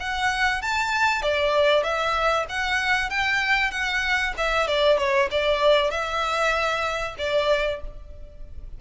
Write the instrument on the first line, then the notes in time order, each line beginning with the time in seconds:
violin
0.00 F#5
0.62 A5
1.22 D5
1.84 E5
2.49 F#5
3.10 G5
3.71 F#5
4.38 E5
4.68 D5
4.98 C#5
5.31 D5
5.91 E5
7.18 D5